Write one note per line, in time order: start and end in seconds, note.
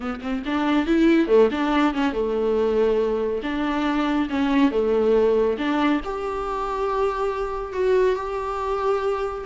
0.00 0.20 B3
0.21 0.42 C4
0.45 0.86 D4
0.86 1.27 E4
1.27 1.49 A3
1.51 1.94 D4
1.94 2.13 C#4
2.13 3.41 A3
3.42 4.28 D4
4.29 4.71 C#4
4.71 5.57 A3
5.58 6.00 D4
6.04 7.73 G4
7.73 8.15 F#4
8.15 9.44 G4